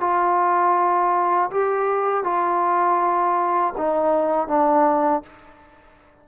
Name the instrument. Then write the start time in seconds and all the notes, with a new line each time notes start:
trombone
0.00 F4
1.50 G4
2.24 F4
3.77 D#4
4.48 D4